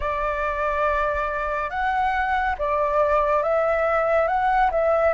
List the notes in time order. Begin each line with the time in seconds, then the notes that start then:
0.00 D5
1.69 F#5
2.58 D5
3.42 E5
4.27 F#5
4.71 E5